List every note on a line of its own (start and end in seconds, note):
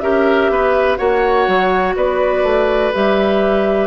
0.00 0.49 C#4
0.00 0.98 G4
0.00 0.51 A#4
0.00 0.97 E5
0.49 0.98 B3
0.49 0.98 B4
0.97 1.47 A#3
0.97 2.91 F#4
0.97 1.95 C#5
0.97 1.94 F#5
1.47 1.96 F#3
1.96 2.43 B3
1.96 3.87 B4
1.96 2.93 D5
2.43 2.91 A3
2.93 3.87 G3
2.93 3.87 G4
2.93 3.87 E5